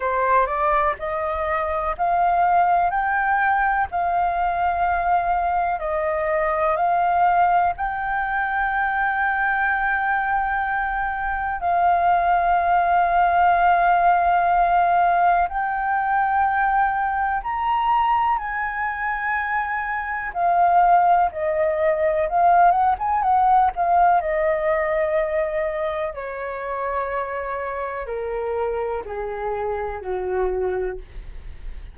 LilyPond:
\new Staff \with { instrumentName = "flute" } { \time 4/4 \tempo 4 = 62 c''8 d''8 dis''4 f''4 g''4 | f''2 dis''4 f''4 | g''1 | f''1 |
g''2 ais''4 gis''4~ | gis''4 f''4 dis''4 f''8 fis''16 gis''16 | fis''8 f''8 dis''2 cis''4~ | cis''4 ais'4 gis'4 fis'4 | }